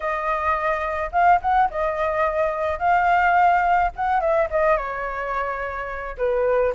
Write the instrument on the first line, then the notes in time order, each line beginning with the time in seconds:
flute
0.00 D#5
1.11 F5
1.41 F#5
1.70 D#5
2.79 F5
3.96 F#5
4.20 E5
4.50 D#5
4.76 C#5
6.17 B4